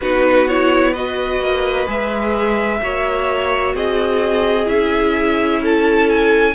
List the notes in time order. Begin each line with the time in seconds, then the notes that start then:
0.01 B3 D#4 F#4 B4
0.47 E4 C#5
0.92 F#4 B4 D#5
1.39 A#3
1.87 G#3 G#4 E5
2.82 A#3 F#4 C#5
3.74 C4 G#4 D#5
4.64 C#4 E4 E5
5.62 A4 A5
6.09 G#5